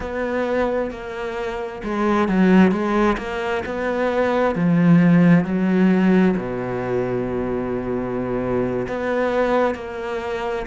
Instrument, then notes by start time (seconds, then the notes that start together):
cello
0.00 B3
0.90 A#3
1.83 G#3
2.28 F#3
2.71 G#3
3.17 A#3
3.65 B3
4.55 F3
5.44 F#3
6.36 B2
8.88 B3
9.74 A#3